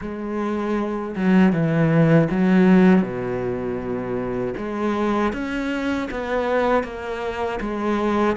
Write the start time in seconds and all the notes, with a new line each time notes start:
0.01 G#3
1.15 F#3
1.52 E3
2.30 F#3
3.02 B2
4.57 G#3
5.32 C#4
6.10 B3
6.83 A#3
7.60 G#3